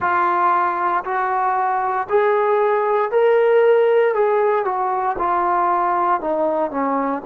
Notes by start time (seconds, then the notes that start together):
0.00 F4
1.04 F#4
2.09 G#4
3.11 A#4
4.14 G#4
4.64 F#4
5.18 F4
6.21 D#4
6.71 C#4